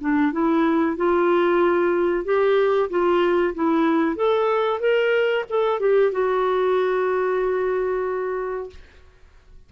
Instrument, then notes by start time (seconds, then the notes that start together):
clarinet
0.00 D4
0.32 E4
0.96 F4
2.25 G4
2.90 F4
3.55 E4
4.16 A4
4.80 A#4
5.49 A4
5.80 G4
6.12 F#4